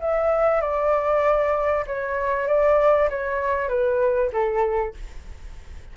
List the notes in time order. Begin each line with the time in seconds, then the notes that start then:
0.00 E5
0.61 D5
1.87 C#5
2.47 D5
3.10 C#5
3.69 B4
4.33 A4